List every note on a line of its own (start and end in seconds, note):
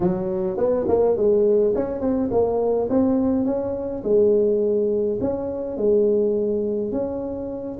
0.00 0.57 F#3
0.57 0.86 B3
0.88 1.16 A#3
1.16 1.74 G#3
1.75 2.01 C#4
2.01 2.29 C4
2.31 2.88 A#3
2.89 3.45 C4
3.45 4.03 C#4
4.03 5.18 G#3
5.21 5.77 C#4
5.77 6.92 G#3
6.92 7.78 C#4